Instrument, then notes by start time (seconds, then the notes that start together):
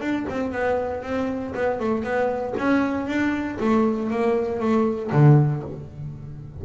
double bass
0.00 D4
0.29 C4
0.52 B3
1.03 C4
1.54 B3
1.80 A3
2.04 B3
2.58 C#4
3.07 D4
3.60 A3
4.10 A#3
4.60 A3
5.12 D3